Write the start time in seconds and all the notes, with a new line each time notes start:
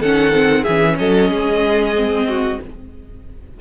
0.00 D#3 C#4 A4 F#5
0.33 C4
0.62 G#4 E5
0.68 E3 C#4
0.99 F#3 A4 D#5
1.30 G#3 G#4
1.96 C4
2.28 F#4